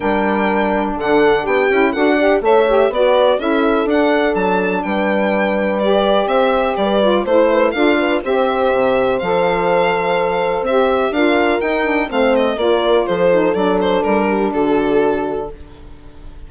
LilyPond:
<<
  \new Staff \with { instrumentName = "violin" } { \time 4/4 \tempo 4 = 124 g''2 fis''4 g''4 | fis''4 e''4 d''4 e''4 | fis''4 a''4 g''2 | d''4 e''4 d''4 c''4 |
f''4 e''2 f''4~ | f''2 e''4 f''4 | g''4 f''8 dis''8 d''4 c''4 | d''8 c''8 ais'4 a'2 | }
  \new Staff \with { instrumentName = "horn" } { \time 4/4 ais'2 a'4 g'4 | a'8 d''8 cis''4 b'4 a'4~ | a'2 b'2~ | b'4 c''4 b'4 c''8 b'8 |
a'8 b'8 c''2.~ | c''2. ais'4~ | ais'4 c''4 ais'4 a'4~ | a'4. g'8 fis'2 | }
  \new Staff \with { instrumentName = "saxophone" } { \time 4/4 d'2.~ d'8 e'8 | fis'8 g'8 a'8 g'8 fis'4 e'4 | d'1 | g'2~ g'8 f'8 e'4 |
f'4 g'2 a'4~ | a'2 g'4 f'4 | dis'8 d'8 c'4 f'4. dis'8 | d'1 | }
  \new Staff \with { instrumentName = "bassoon" } { \time 4/4 g2 d4 b8 cis'8 | d'4 a4 b4 cis'4 | d'4 fis4 g2~ | g4 c'4 g4 a4 |
d'4 c'4 c4 f4~ | f2 c'4 d'4 | dis'4 a4 ais4 f4 | fis4 g4 d2 | }
>>